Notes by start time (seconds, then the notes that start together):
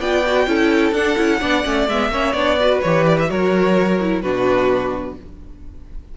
0.00 B3 F4 D5 G5
0.27 F#4
0.47 C#4 E4 A4
0.92 D4 F#5
1.17 C#4 E4
1.40 B3 D4 D5
1.64 A3 C#4
1.88 G#3 B3 E5
2.09 A#3 C#4 C#5
2.33 B3 D4 D5
2.59 F#4 B4
2.82 E3 G4 C#5
3.07 D5
3.20 E5
3.28 F#3 F#4 A#4 C#5
4.01 E4
4.22 B2 D4 F#4 B4